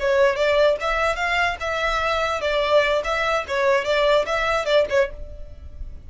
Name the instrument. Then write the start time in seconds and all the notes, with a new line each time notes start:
violin
0.00 C#5
0.36 D5
0.81 E5
1.16 F5
1.61 E5
2.41 D5
3.04 E5
3.48 C#5
3.85 D5
4.26 E5
4.66 D5
4.90 C#5